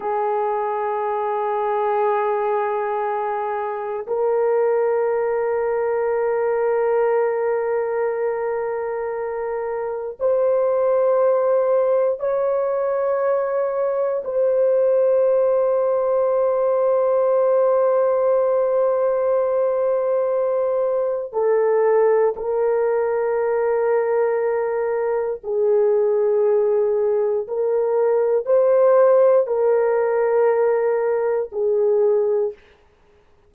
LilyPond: \new Staff \with { instrumentName = "horn" } { \time 4/4 \tempo 4 = 59 gis'1 | ais'1~ | ais'2 c''2 | cis''2 c''2~ |
c''1~ | c''4 a'4 ais'2~ | ais'4 gis'2 ais'4 | c''4 ais'2 gis'4 | }